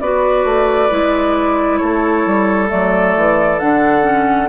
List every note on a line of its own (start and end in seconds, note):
0.00 0.44 B3
0.00 0.90 F#4
0.00 1.79 B4
0.00 1.77 D5
0.44 0.89 A3
0.90 1.81 G#3
0.90 2.67 E4
1.77 2.26 A3
1.77 4.48 A4
1.77 2.67 C#5
2.26 2.70 G3
2.67 3.16 F#3
2.67 3.56 A3
2.67 3.59 D5
3.16 3.61 E3
3.59 4.49 D3
3.59 4.01 D4
3.59 4.48 F#5
4.01 4.46 C#4